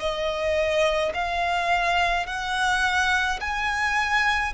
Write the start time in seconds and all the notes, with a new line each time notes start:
0.00 D#5
1.15 F5
2.27 F#5
3.41 G#5